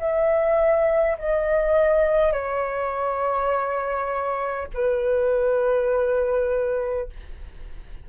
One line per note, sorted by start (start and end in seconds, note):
0.00 1.18 E5
1.18 2.33 D#5
2.33 4.68 C#5
4.74 7.10 B4